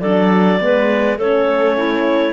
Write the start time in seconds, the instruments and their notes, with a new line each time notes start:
0.00 cello F#3, horn D4, clarinet A4 D5
0.60 cello G#3, horn B3, clarinet B4
1.17 cello A3, horn C#4, clarinet A4 C#5
1.76 clarinet E4